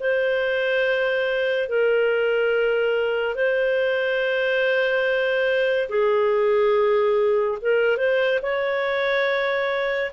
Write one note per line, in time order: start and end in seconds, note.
0.00 1.69 C5
1.69 3.35 A#4
3.35 5.88 C5
5.89 7.58 G#4
7.62 7.97 A#4
7.97 8.39 C5
8.42 10.11 C#5